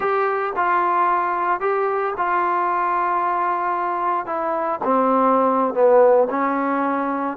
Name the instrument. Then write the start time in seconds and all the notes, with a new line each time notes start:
trombone
0.00 G4
0.56 F4
1.60 G4
2.17 F4
4.26 E4
4.84 C4
5.74 B3
6.29 C#4